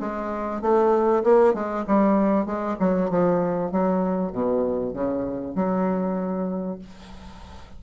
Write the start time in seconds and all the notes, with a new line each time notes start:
0.00 G#3
0.61 A3
1.23 A#3
1.54 G#3
1.87 G3
2.46 G#3
2.79 F#3
3.10 F3
3.71 F#3
4.32 B2
4.93 C#3
5.55 F#3